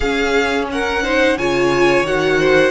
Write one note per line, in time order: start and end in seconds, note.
0.00 1.37 C#4
0.00 1.03 C#4
0.00 0.67 G#4
0.00 0.65 F5
0.72 1.03 A#4
0.72 1.37 F#5
1.03 1.37 D#4
1.03 1.37 C5
1.37 2.02 C#3
1.37 2.05 F4
1.37 2.39 C#5
1.37 2.06 G#5
2.02 2.71 D#3
2.02 2.71 F#4
2.02 2.71 F#5
2.39 2.71 C5